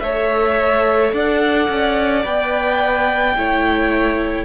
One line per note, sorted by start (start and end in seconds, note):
0.00 1.12 A3
0.00 2.24 A4
0.00 1.14 C#5
0.00 1.11 E5
1.13 1.69 D4
1.13 3.37 D5
1.13 2.26 F#5
1.69 2.25 C#4
2.24 3.36 B3
2.24 3.35 B4
2.24 4.45 G5
3.37 4.45 A3
3.37 4.45 E4
3.37 4.45 C#5